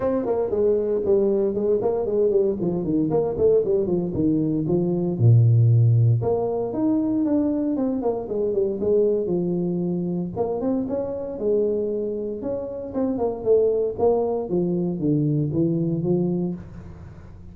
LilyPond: \new Staff \with { instrumentName = "tuba" } { \time 4/4 \tempo 4 = 116 c'8 ais8 gis4 g4 gis8 ais8 | gis8 g8 f8 dis8 ais8 a8 g8 f8 | dis4 f4 ais,2 | ais4 dis'4 d'4 c'8 ais8 |
gis8 g8 gis4 f2 | ais8 c'8 cis'4 gis2 | cis'4 c'8 ais8 a4 ais4 | f4 d4 e4 f4 | }